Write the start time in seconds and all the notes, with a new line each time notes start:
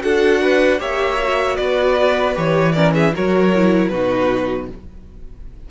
0.00 D4 F#4 A4 F#5
0.41 B4
0.79 A#3 G4 C#5 E5
1.22 F#4
1.56 B3 B4 D5
2.34 E3 G4 C#5
2.72 C#4 A#4 D5
2.94 G#4 E5
3.13 F#3 F#4 A#4 C#5
3.55 E4
3.89 B2 D#4 F#4 B4